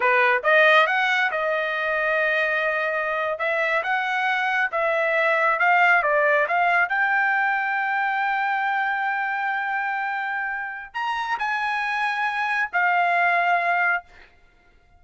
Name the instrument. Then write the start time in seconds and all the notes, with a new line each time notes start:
trumpet
0.00 B4
0.43 D#5
0.86 F#5
1.31 D#5
3.38 E5
3.83 F#5
4.71 E5
5.59 F5
6.03 D5
6.48 F5
6.88 G5
10.94 A#5
11.38 G#5
12.72 F5